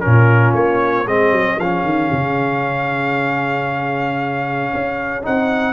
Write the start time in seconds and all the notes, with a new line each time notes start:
0.00 A#2 C#4 F4 A#4
0.53 A#3 C#5
1.06 G#3 C4 G#4 D#5
1.31 F#3
1.59 F3 C#4 F5
1.84 D#3
2.12 C#3
4.73 C#4
5.22 C4 D#4 F#5